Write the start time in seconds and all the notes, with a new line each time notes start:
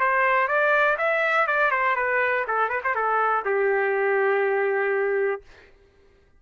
0.00 C5
0.48 D5
0.98 E5
1.47 D5
1.71 C5
1.96 B4
2.47 A4
2.69 B4
2.84 C5
2.95 A4
3.45 G4